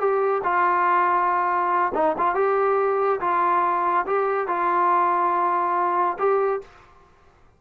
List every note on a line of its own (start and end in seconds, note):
0.00 0.43 G4
0.44 1.93 F4
1.95 2.16 D#4
2.18 2.35 F4
2.35 3.20 G4
3.21 4.06 F4
4.07 4.48 G4
4.48 6.18 F4
6.19 6.62 G4